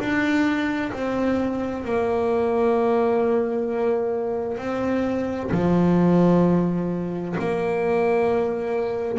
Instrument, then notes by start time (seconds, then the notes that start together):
double bass
0.00 D4
0.93 C4
1.85 A#3
4.58 C4
5.52 F3
7.39 A#3